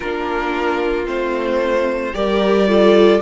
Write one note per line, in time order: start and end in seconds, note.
0.00 1.06 A#3
0.00 1.05 D4
0.00 2.14 F4
0.00 1.05 A#4
1.05 2.13 A3
1.05 2.12 C4
1.05 2.14 C5
2.13 3.21 G3
2.13 2.67 G4
2.13 2.69 A#4
2.13 3.21 D5
2.67 3.21 F4
2.67 3.21 A4